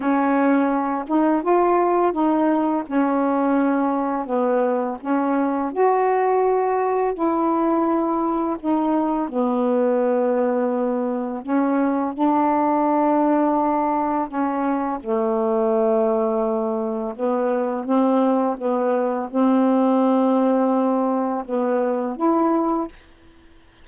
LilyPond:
\new Staff \with { instrumentName = "saxophone" } { \time 4/4 \tempo 4 = 84 cis'4. dis'8 f'4 dis'4 | cis'2 b4 cis'4 | fis'2 e'2 | dis'4 b2. |
cis'4 d'2. | cis'4 a2. | b4 c'4 b4 c'4~ | c'2 b4 e'4 | }